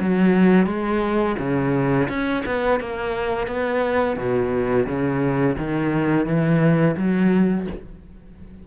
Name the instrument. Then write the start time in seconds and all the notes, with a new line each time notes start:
cello
0.00 F#3
0.66 G#3
1.39 C#3
2.09 C#4
2.45 B3
2.80 A#3
3.47 B3
4.17 B2
4.86 C#3
5.58 D#3
6.26 E3
6.97 F#3